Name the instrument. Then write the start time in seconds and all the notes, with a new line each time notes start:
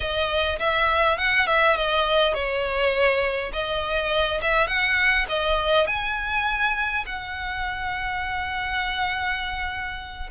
violin
0.00 D#5
0.59 E5
1.18 F#5
1.47 E5
1.76 D#5
2.34 C#5
3.52 D#5
4.41 E5
4.67 F#5
5.29 D#5
5.87 G#5
7.06 F#5